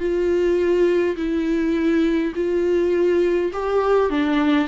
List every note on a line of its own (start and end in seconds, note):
0.00 1.17 F4
1.17 2.33 E4
2.36 3.52 F4
3.53 4.11 G4
4.11 4.68 D4